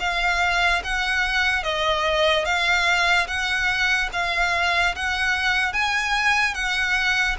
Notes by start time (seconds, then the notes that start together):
0.00 F5
0.84 F#5
1.63 D#5
2.45 F5
3.27 F#5
4.13 F5
4.95 F#5
5.73 G#5
6.54 F#5